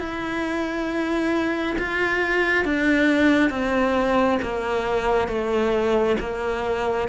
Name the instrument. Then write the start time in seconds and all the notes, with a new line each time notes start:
cello
0.00 E4
1.79 F4
2.65 D4
3.50 C4
4.43 A#3
5.28 A3
6.20 A#3